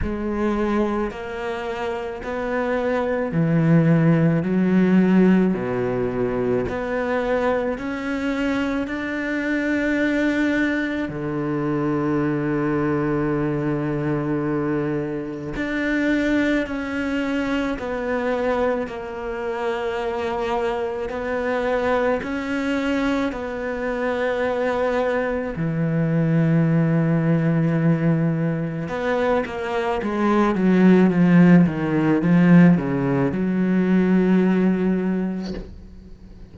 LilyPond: \new Staff \with { instrumentName = "cello" } { \time 4/4 \tempo 4 = 54 gis4 ais4 b4 e4 | fis4 b,4 b4 cis'4 | d'2 d2~ | d2 d'4 cis'4 |
b4 ais2 b4 | cis'4 b2 e4~ | e2 b8 ais8 gis8 fis8 | f8 dis8 f8 cis8 fis2 | }